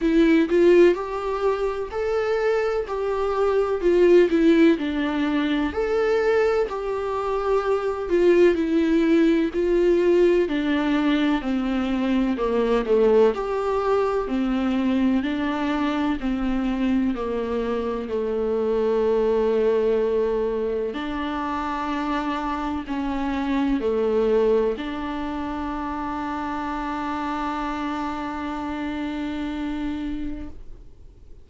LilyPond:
\new Staff \with { instrumentName = "viola" } { \time 4/4 \tempo 4 = 63 e'8 f'8 g'4 a'4 g'4 | f'8 e'8 d'4 a'4 g'4~ | g'8 f'8 e'4 f'4 d'4 | c'4 ais8 a8 g'4 c'4 |
d'4 c'4 ais4 a4~ | a2 d'2 | cis'4 a4 d'2~ | d'1 | }